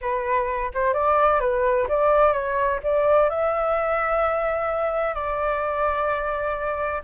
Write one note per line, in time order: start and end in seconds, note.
0.01 0.71 B4
0.74 0.93 C5
0.93 1.40 D5
1.40 1.87 B4
1.88 2.32 D5
2.32 2.79 C#5
2.83 3.29 D5
3.29 5.14 E5
5.14 7.02 D5